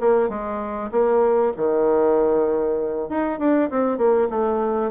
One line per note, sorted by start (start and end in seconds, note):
0.00 0.29 A#3
0.29 0.90 G#3
0.91 1.52 A#3
1.56 3.09 D#3
3.09 3.39 D#4
3.39 3.69 D4
3.70 3.97 C4
3.97 4.28 A#3
4.29 4.91 A3